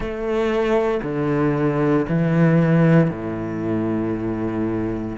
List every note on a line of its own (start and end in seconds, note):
0.00 1.01 A3
1.03 2.06 D3
2.08 3.10 E3
3.10 5.17 A2